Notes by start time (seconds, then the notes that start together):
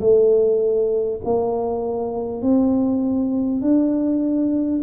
0.00 A3
1.24 A#3
2.42 C4
3.61 D4